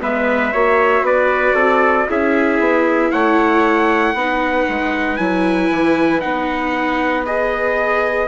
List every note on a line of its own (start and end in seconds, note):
0.00 0.54 G#3
0.00 0.52 B3
0.00 0.53 B4
0.00 1.06 E5
0.53 1.02 A#3
0.53 2.09 F#4
0.53 1.05 C#5
1.02 1.53 B3
1.02 1.55 B4
1.02 2.09 D5
1.54 2.06 C4
1.54 2.07 A4
2.09 2.60 C#4
2.09 4.16 E4
2.09 3.13 G#4
2.09 3.12 E5
2.60 3.11 B3
3.12 4.14 A3
3.12 4.16 C#5
3.12 5.17 F#5
4.14 4.65 B3
4.14 5.19 D#4
4.14 8.28 B4
4.69 5.19 G#3
5.17 5.70 F#3
5.17 6.22 E4
5.17 6.20 G#5
5.71 6.23 E3
6.21 8.28 B3
6.21 7.25 D#4
6.21 7.24 F#5
7.26 8.28 G#4
7.26 8.28 D#5